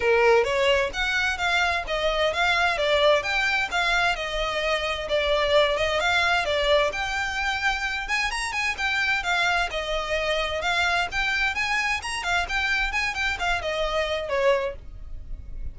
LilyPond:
\new Staff \with { instrumentName = "violin" } { \time 4/4 \tempo 4 = 130 ais'4 cis''4 fis''4 f''4 | dis''4 f''4 d''4 g''4 | f''4 dis''2 d''4~ | d''8 dis''8 f''4 d''4 g''4~ |
g''4. gis''8 ais''8 gis''8 g''4 | f''4 dis''2 f''4 | g''4 gis''4 ais''8 f''8 g''4 | gis''8 g''8 f''8 dis''4. cis''4 | }